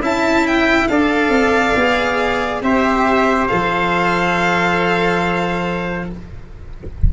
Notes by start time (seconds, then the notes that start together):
0.00 C#4 E4 E5 A5
0.47 G5
0.87 D4 A4 D5 F5
1.28 C4
1.75 B3 G#4
2.61 C4 G4 C5 E5
3.47 F3 A4 F5